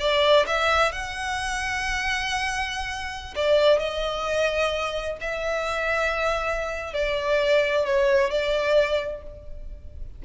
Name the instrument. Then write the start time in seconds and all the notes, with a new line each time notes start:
violin
0.00 D5
0.47 E5
0.92 F#5
3.35 D5
3.79 D#5
5.20 E5
6.93 D5
7.85 C#5
8.30 D5